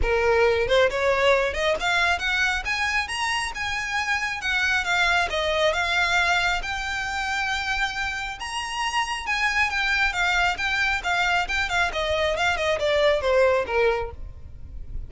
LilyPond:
\new Staff \with { instrumentName = "violin" } { \time 4/4 \tempo 4 = 136 ais'4. c''8 cis''4. dis''8 | f''4 fis''4 gis''4 ais''4 | gis''2 fis''4 f''4 | dis''4 f''2 g''4~ |
g''2. ais''4~ | ais''4 gis''4 g''4 f''4 | g''4 f''4 g''8 f''8 dis''4 | f''8 dis''8 d''4 c''4 ais'4 | }